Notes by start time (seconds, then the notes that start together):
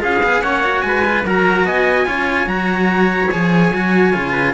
0.00 C#4 F4 G#4 F5
0.23 B3 G#4
0.42 A#3 C#4 C#5 F#5
0.64 F#4
0.82 G#3 G#5
0.88 B4
1.05 F4
1.24 F#3 F#4 A#4 A#5
1.65 B3 D#5 G#5
2.06 C#4 F4 C#5
2.47 F#3 F#4 A#5
3.32 F3 G#4 G#5
3.73 F#3 F#4
4.13 C#3 F4
4.31 B4